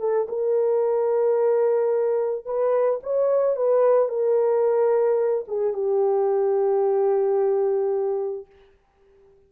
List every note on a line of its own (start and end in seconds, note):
0.00 0.27 A4
0.29 2.45 A#4
2.45 3.00 B4
3.03 3.56 C#5
3.56 4.09 B4
4.09 5.45 A#4
5.48 5.73 G#4
5.73 8.46 G4